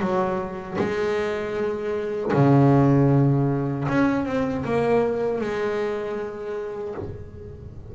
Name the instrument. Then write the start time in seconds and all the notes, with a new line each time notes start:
double bass
0.00 F#3
0.78 G#3
2.34 C#3
3.88 C#4
4.26 C4
4.65 A#3
5.41 G#3